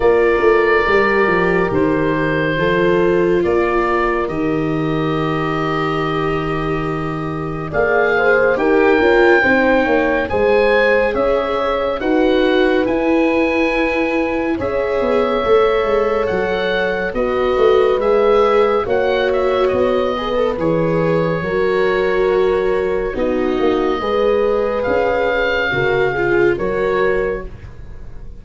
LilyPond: <<
  \new Staff \with { instrumentName = "oboe" } { \time 4/4 \tempo 4 = 70 d''2 c''2 | d''4 dis''2.~ | dis''4 f''4 g''2 | gis''4 e''4 fis''4 gis''4~ |
gis''4 e''2 fis''4 | dis''4 e''4 fis''8 e''8 dis''4 | cis''2. dis''4~ | dis''4 f''2 cis''4 | }
  \new Staff \with { instrumentName = "horn" } { \time 4/4 ais'2. a'4 | ais'1~ | ais'4 d''8 c''8 ais'4 c''8 cis''8 | c''4 cis''4 b'2~ |
b'4 cis''2. | b'2 cis''4. b'8~ | b'4 ais'2 fis'4 | b'2 ais'8 gis'8 ais'4 | }
  \new Staff \with { instrumentName = "viola" } { \time 4/4 f'4 g'2 f'4~ | f'4 g'2.~ | g'4 gis'4 g'8 f'8 dis'4 | gis'2 fis'4 e'4~ |
e'4 gis'4 a'2 | fis'4 gis'4 fis'4. gis'16 a'16 | gis'4 fis'2 dis'4 | gis'2 fis'8 f'8 fis'4 | }
  \new Staff \with { instrumentName = "tuba" } { \time 4/4 ais8 a8 g8 f8 dis4 f4 | ais4 dis2.~ | dis4 ais4 dis'8 cis'8 c'8 ais8 | gis4 cis'4 dis'4 e'4~ |
e'4 cis'8 b8 a8 gis8 fis4 | b8 a8 gis4 ais4 b4 | e4 fis2 b8 ais8 | gis4 cis'4 cis4 fis4 | }
>>